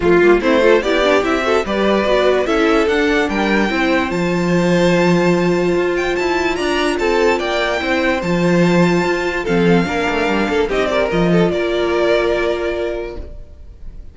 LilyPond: <<
  \new Staff \with { instrumentName = "violin" } { \time 4/4 \tempo 4 = 146 f'4 c''4 d''4 e''4 | d''2 e''4 fis''4 | g''2 a''2~ | a''2~ a''8 g''8 a''4 |
ais''4 a''4 g''2 | a''2. f''4~ | f''2 dis''8 d''8 dis''4 | d''1 | }
  \new Staff \with { instrumentName = "violin" } { \time 4/4 f'4 e'8 a'8 g'4. a'8 | b'2 a'2 | ais'4 c''2.~ | c''1 |
d''4 a'4 d''4 c''4~ | c''2. a'4 | ais'4. a'8 g'8 ais'4 a'8 | ais'1 | }
  \new Staff \with { instrumentName = "viola" } { \time 4/4 a8 ais8 c'8 f'8 e'8 d'8 e'8 fis'8 | g'4 fis'4 e'4 d'4~ | d'4 e'4 f'2~ | f'1~ |
f'2. e'4 | f'2. c'4 | d'2 dis'8 g'8 f'4~ | f'1 | }
  \new Staff \with { instrumentName = "cello" } { \time 4/4 f8 g8 a4 b4 c'4 | g4 b4 cis'4 d'4 | g4 c'4 f2~ | f2 f'4 e'4 |
d'4 c'4 ais4 c'4 | f2 f'4 f4 | ais8 a8 g8 ais8 c'4 f4 | ais1 | }
>>